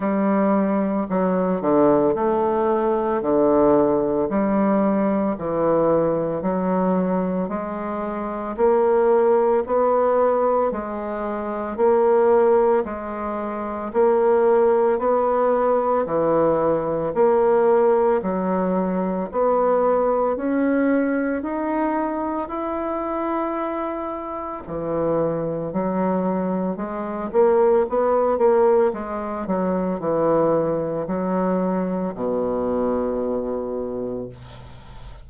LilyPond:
\new Staff \with { instrumentName = "bassoon" } { \time 4/4 \tempo 4 = 56 g4 fis8 d8 a4 d4 | g4 e4 fis4 gis4 | ais4 b4 gis4 ais4 | gis4 ais4 b4 e4 |
ais4 fis4 b4 cis'4 | dis'4 e'2 e4 | fis4 gis8 ais8 b8 ais8 gis8 fis8 | e4 fis4 b,2 | }